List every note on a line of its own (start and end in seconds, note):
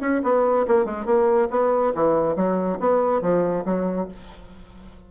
0.00 0.21 C#4
0.23 0.66 B3
0.67 0.85 A#3
0.85 1.05 G#3
1.05 1.48 A#3
1.50 1.93 B3
1.94 2.36 E3
2.36 2.79 F#3
2.80 3.21 B3
3.21 3.64 F3
3.65 4.08 F#3